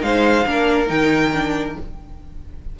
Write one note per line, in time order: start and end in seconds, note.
0.00 0.46 G#3
0.00 0.43 D#4
0.00 0.48 C5
0.00 0.89 F5
0.46 0.89 A#3
0.46 0.87 D4
0.46 1.79 A#4
0.87 1.76 D#3
0.87 1.30 D#4
0.87 1.76 G5
1.34 1.77 D4